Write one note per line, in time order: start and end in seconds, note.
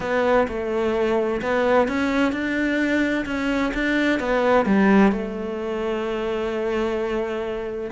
0.00 0.47 B3
0.48 1.41 A3
1.41 1.87 B3
1.87 2.32 C#4
2.32 3.25 D4
3.25 3.72 C#4
3.74 4.19 D4
4.19 4.65 B3
4.65 5.12 G3
5.12 7.91 A3